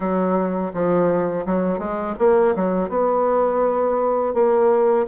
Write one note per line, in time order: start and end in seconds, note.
0.00 0.72 F#3
0.73 1.45 F3
1.46 1.78 F#3
1.78 2.15 G#3
2.18 2.54 A#3
2.55 2.89 F#3
2.89 4.33 B3
4.34 5.06 A#3